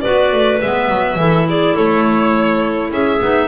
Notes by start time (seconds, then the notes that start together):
0.00 F#4 B4 D5
0.06 B3
0.32 A3
0.61 G#3 B3 E5
0.88 F#3
1.15 E3 E4 A4
1.48 G#4 D5
1.74 A3 A4 C#5
2.91 C#4 G#4 E5
3.20 B3 D#4